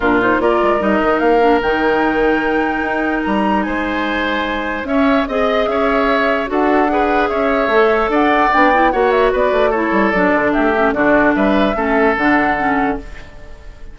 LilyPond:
<<
  \new Staff \with { instrumentName = "flute" } { \time 4/4 \tempo 4 = 148 ais'8 c''8 d''4 dis''4 f''4 | g''1 | ais''4 gis''2. | e''4 dis''4 e''2 |
fis''2 e''2 | fis''4 g''4 fis''8 e''8 d''4 | cis''4 d''4 e''4 d''4 | e''2 fis''2 | }
  \new Staff \with { instrumentName = "oboe" } { \time 4/4 f'4 ais'2.~ | ais'1~ | ais'4 c''2. | cis''4 dis''4 cis''2 |
a'4 b'4 cis''2 | d''2 cis''4 b'4 | a'2 g'4 fis'4 | b'4 a'2. | }
  \new Staff \with { instrumentName = "clarinet" } { \time 4/4 d'8 dis'8 f'4 dis'4. d'8 | dis'1~ | dis'1 | cis'4 gis'2. |
fis'4 gis'2 a'4~ | a'4 d'8 e'8 fis'2 | e'4 d'4. cis'8 d'4~ | d'4 cis'4 d'4 cis'4 | }
  \new Staff \with { instrumentName = "bassoon" } { \time 4/4 ais,4 ais8 gis8 g8 dis8 ais4 | dis2. dis'4 | g4 gis2. | cis'4 c'4 cis'2 |
d'2 cis'4 a4 | d'4 b4 ais4 b8 a8~ | a8 g8 fis8 d8 a4 d4 | g4 a4 d2 | }
>>